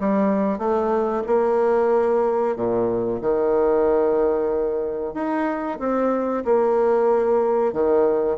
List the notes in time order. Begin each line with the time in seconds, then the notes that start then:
0.00 G3
0.58 A3
1.27 A#3
2.56 A#2
3.21 D#3
5.14 D#4
5.79 C4
6.45 A#3
7.73 D#3